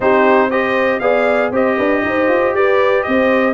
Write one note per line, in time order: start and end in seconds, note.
0.00 0.99 C4
0.00 0.50 D#4
0.00 0.49 G4
0.00 0.50 C5
0.49 1.01 G4
0.49 1.00 C5
0.49 0.99 D#5
0.99 1.51 B3
0.99 1.52 G#4
0.99 1.52 D5
0.99 1.50 F5
1.51 1.77 C4
1.51 3.53 G4
1.51 1.76 C5
1.51 2.54 D#5
1.76 2.04 D4
1.76 2.02 B4
2.04 2.28 D#4
2.04 2.56 C5
2.28 2.53 F4
2.53 3.04 G4
2.53 3.06 B4
2.53 3.03 D5
3.03 3.53 C4
3.03 3.53 C5
3.03 3.53 D#5